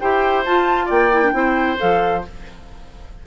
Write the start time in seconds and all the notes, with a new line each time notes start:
0.00 E4 G4 C5 G5
0.45 F4 A5
0.85 A#3 D5 G5
1.12 E4
1.23 D4
1.33 C4 E4 C5
1.77 F3 A4 F5